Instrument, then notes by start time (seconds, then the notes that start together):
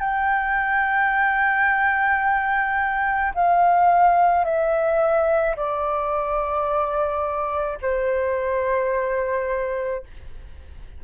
flute
0.00 G5
3.34 F5
4.44 E5
5.56 D5
7.82 C5